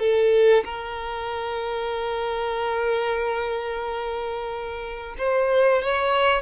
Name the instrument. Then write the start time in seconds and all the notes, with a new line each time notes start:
violin
0.00 A4
0.65 A#4
5.19 C5
5.83 C#5